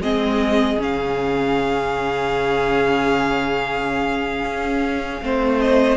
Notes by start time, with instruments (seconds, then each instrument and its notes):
0.00 cello G#3, viola C4, violin G#4 D#5
0.79 cello C#3, viola C#4, violin F5
4.45 cello C#4
5.22 cello A3, viola C4, violin C5
5.60 violin D#5